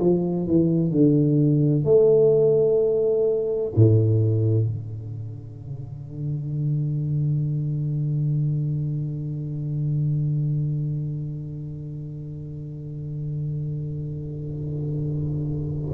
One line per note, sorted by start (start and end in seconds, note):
0.00 0.47 F3
0.47 0.91 E3
0.91 1.85 D3
1.85 3.72 A3
3.75 4.66 A2
4.66 15.91 D3